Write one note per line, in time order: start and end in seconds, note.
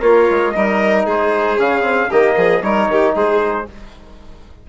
0.00 0.28 A#3
0.00 0.54 F4
0.00 0.52 A#4
0.00 0.51 C#5
0.30 0.55 G#3
0.51 1.06 G3
0.51 1.58 D#4
0.51 1.06 A#4
0.51 1.03 D#5
1.06 1.58 G#3
1.06 2.09 G#4
1.06 1.59 C5
1.58 2.11 C#3
1.58 1.81 C#4
1.58 2.11 F5
1.81 2.07 C4
2.09 2.36 D#3
2.09 2.62 A#3
2.09 2.35 G4
2.09 2.62 D#5
2.36 2.62 F3
2.36 2.63 G#4
2.62 2.88 G3
2.62 3.66 D#4
2.62 2.91 A#4
2.62 3.14 C#5
2.89 3.15 D#3
2.89 3.15 G4
3.15 3.67 G#3
3.15 3.67 G#4
3.15 3.69 C5